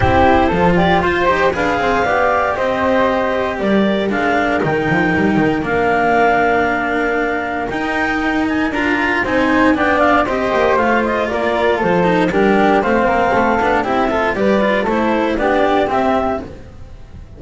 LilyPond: <<
  \new Staff \with { instrumentName = "clarinet" } { \time 4/4 \tempo 4 = 117 c''4. d''8 c''4 f''4~ | f''4 dis''2 d''4 | f''4 g''2 f''4~ | f''2. g''4~ |
g''8 gis''8 ais''4 gis''4 g''8 f''8 | dis''4 f''8 dis''8 d''4 c''4 | ais'4 f''2 e''4 | d''4 c''4 d''4 e''4 | }
  \new Staff \with { instrumentName = "flute" } { \time 4/4 g'4 a'8 g'8 c''4 b'8 c''8 | d''4 c''2 ais'4~ | ais'1~ | ais'1~ |
ais'2 c''4 d''4 | c''2 ais'4 a'4 | g'4 c''8 ais'8 a'4 g'8 a'8 | b'4 a'4 g'2 | }
  \new Staff \with { instrumentName = "cello" } { \time 4/4 e'4 f'4. g'8 gis'4 | g'1 | d'4 dis'2 d'4~ | d'2. dis'4~ |
dis'4 f'4 dis'4 d'4 | g'4 f'2~ f'8 dis'8 | d'4 c'4. d'8 e'8 f'8 | g'8 f'8 e'4 d'4 c'4 | }
  \new Staff \with { instrumentName = "double bass" } { \time 4/4 c'4 f4 f'8 dis'8 d'8 c'8 | b4 c'2 g4 | gis4 dis8 f8 g8 dis8 ais4~ | ais2. dis'4~ |
dis'4 d'4 c'4 b4 | c'8 ais8 a4 ais4 f4 | g4 a8 ais8 a8 b8 c'4 | g4 a4 b4 c'4 | }
>>